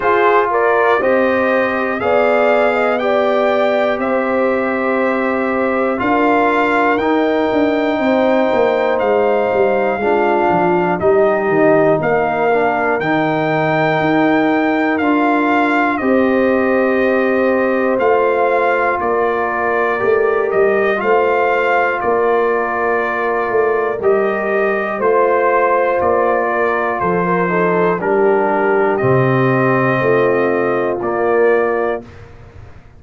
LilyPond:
<<
  \new Staff \with { instrumentName = "trumpet" } { \time 4/4 \tempo 4 = 60 c''8 d''8 dis''4 f''4 g''4 | e''2 f''4 g''4~ | g''4 f''2 dis''4 | f''4 g''2 f''4 |
dis''2 f''4 d''4~ | d''8 dis''8 f''4 d''2 | dis''4 c''4 d''4 c''4 | ais'4 dis''2 d''4 | }
  \new Staff \with { instrumentName = "horn" } { \time 4/4 gis'8 ais'8 c''4 d''8. dis''16 d''4 | c''2 ais'2 | c''2 f'4 g'4 | ais'1 |
c''2. ais'4~ | ais'4 c''4 ais'2~ | ais'4 c''4. ais'8 a'16 ais'16 a'8 | g'2 f'2 | }
  \new Staff \with { instrumentName = "trombone" } { \time 4/4 f'4 g'4 gis'4 g'4~ | g'2 f'4 dis'4~ | dis'2 d'4 dis'4~ | dis'8 d'8 dis'2 f'4 |
g'2 f'2 | g'4 f'2. | g'4 f'2~ f'8 dis'8 | d'4 c'2 ais4 | }
  \new Staff \with { instrumentName = "tuba" } { \time 4/4 f'4 c'4 b2 | c'2 d'4 dis'8 d'8 | c'8 ais8 gis8 g8 gis8 f8 g8 dis8 | ais4 dis4 dis'4 d'4 |
c'2 a4 ais4 | a8 g8 a4 ais4. a8 | g4 a4 ais4 f4 | g4 c4 a4 ais4 | }
>>